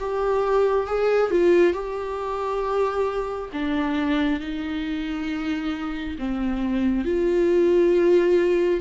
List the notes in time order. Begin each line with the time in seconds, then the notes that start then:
0.00 G4
0.87 G#4
1.31 F4
1.73 G4
3.53 D4
4.40 D#4
6.19 C4
7.05 F4